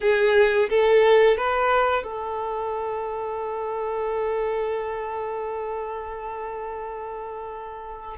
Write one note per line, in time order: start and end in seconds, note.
0.01 0.69 G#4
0.69 1.37 A4
1.37 2.03 B4
2.03 8.17 A4